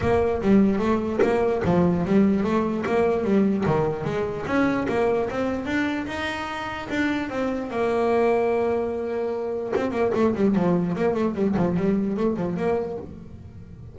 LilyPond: \new Staff \with { instrumentName = "double bass" } { \time 4/4 \tempo 4 = 148 ais4 g4 a4 ais4 | f4 g4 a4 ais4 | g4 dis4 gis4 cis'4 | ais4 c'4 d'4 dis'4~ |
dis'4 d'4 c'4 ais4~ | ais1 | c'8 ais8 a8 g8 f4 ais8 a8 | g8 f8 g4 a8 f8 ais4 | }